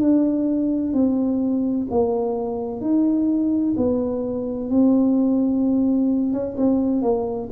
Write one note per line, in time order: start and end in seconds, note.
0.00 0.94 D4
0.94 1.87 C4
1.91 2.81 A#3
2.81 3.75 D#4
3.78 4.70 B3
4.70 6.33 C4
6.33 6.57 C#4
6.58 7.03 C4
7.03 7.50 A#3